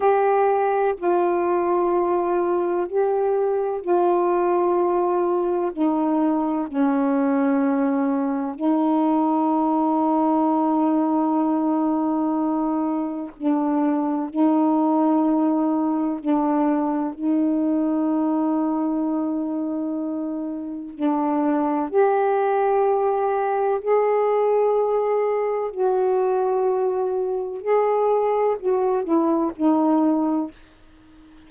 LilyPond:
\new Staff \with { instrumentName = "saxophone" } { \time 4/4 \tempo 4 = 63 g'4 f'2 g'4 | f'2 dis'4 cis'4~ | cis'4 dis'2.~ | dis'2 d'4 dis'4~ |
dis'4 d'4 dis'2~ | dis'2 d'4 g'4~ | g'4 gis'2 fis'4~ | fis'4 gis'4 fis'8 e'8 dis'4 | }